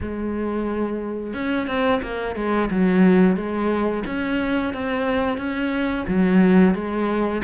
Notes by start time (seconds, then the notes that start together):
0.01 G#3
1.33 C#4
1.67 C4
2.02 A#3
2.35 G#3
2.70 F#3
3.36 G#3
4.06 C#4
4.73 C4
5.37 C#4
6.07 F#3
6.74 G#3